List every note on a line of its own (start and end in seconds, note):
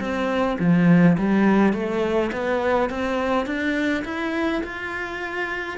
0.00 0.58 C4
0.60 1.17 F3
1.18 1.74 G3
1.74 2.31 A3
2.32 2.90 B3
2.90 3.46 C4
3.46 4.04 D4
4.05 4.63 E4
4.64 5.78 F4